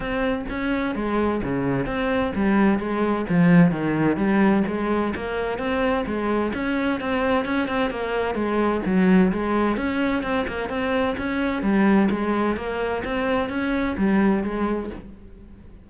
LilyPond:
\new Staff \with { instrumentName = "cello" } { \time 4/4 \tempo 4 = 129 c'4 cis'4 gis4 cis4 | c'4 g4 gis4 f4 | dis4 g4 gis4 ais4 | c'4 gis4 cis'4 c'4 |
cis'8 c'8 ais4 gis4 fis4 | gis4 cis'4 c'8 ais8 c'4 | cis'4 g4 gis4 ais4 | c'4 cis'4 g4 gis4 | }